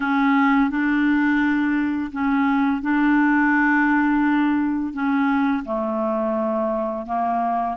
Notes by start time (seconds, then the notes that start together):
0.00 C#4
0.70 D4
2.12 C#4
2.81 D4
4.93 C#4
5.64 A3
7.06 A#3